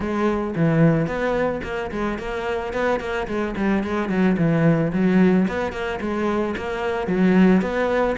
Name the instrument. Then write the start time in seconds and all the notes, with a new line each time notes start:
cello
0.00 G#3
0.55 E3
1.06 B3
1.63 A#3
1.91 G#3
2.18 A#3
2.73 B3
3.00 A#3
3.27 G#3
3.56 G3
3.83 G#3
4.09 F#3
4.37 E3
4.92 F#3
5.48 B3
5.72 A#3
6.00 G#3
6.56 A#3
7.07 F#3
7.61 B3